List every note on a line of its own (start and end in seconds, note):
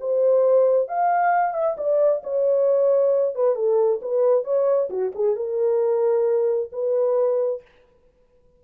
0.00 0.88 C5
0.88 1.53 F5
1.53 1.76 E5
1.77 2.22 D5
2.23 3.35 C#5
3.35 3.55 B4
3.55 4.00 A4
4.02 4.44 B4
4.44 4.89 C#5
4.89 5.12 F#4
5.15 5.36 G#4
5.36 6.70 A#4
6.72 7.62 B4